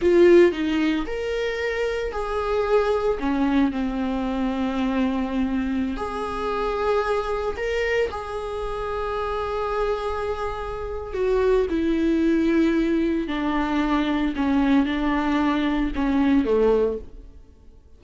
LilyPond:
\new Staff \with { instrumentName = "viola" } { \time 4/4 \tempo 4 = 113 f'4 dis'4 ais'2 | gis'2 cis'4 c'4~ | c'2.~ c'16 gis'8.~ | gis'2~ gis'16 ais'4 gis'8.~ |
gis'1~ | gis'4 fis'4 e'2~ | e'4 d'2 cis'4 | d'2 cis'4 a4 | }